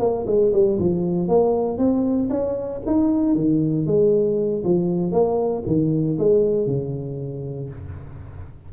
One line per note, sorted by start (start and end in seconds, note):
0.00 0.26 A#3
0.27 0.52 G#3
0.53 0.79 G3
0.80 1.29 F3
1.29 1.78 A#3
1.78 2.30 C4
2.30 2.81 C#4
2.87 3.35 D#4
3.35 3.86 D#3
3.87 4.64 G#3
4.65 5.12 F3
5.12 5.64 A#3
5.67 6.18 D#3
6.19 6.67 G#3
6.67 7.70 C#3